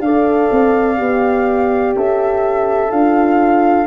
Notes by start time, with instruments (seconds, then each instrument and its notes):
0.00 tuba D4, horn A4 D5, flute F5
0.51 tuba C4
0.97 tuba B3, horn G4
1.95 tuba C#4, horn A4, flute E5
2.91 tuba D4, horn F4, flute F5